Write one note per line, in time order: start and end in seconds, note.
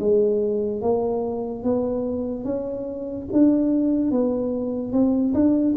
0.00 0.82 G#3
0.82 1.64 A#3
1.64 2.44 B3
2.44 3.27 C#4
3.33 4.11 D4
4.11 4.93 B3
4.93 5.34 C4
5.34 5.75 D4